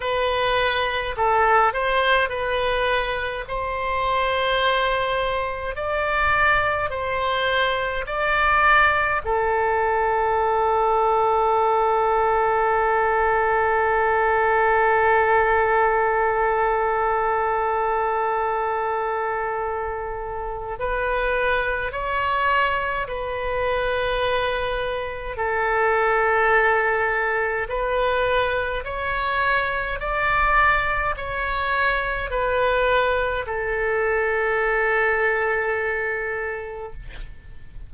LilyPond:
\new Staff \with { instrumentName = "oboe" } { \time 4/4 \tempo 4 = 52 b'4 a'8 c''8 b'4 c''4~ | c''4 d''4 c''4 d''4 | a'1~ | a'1~ |
a'2 b'4 cis''4 | b'2 a'2 | b'4 cis''4 d''4 cis''4 | b'4 a'2. | }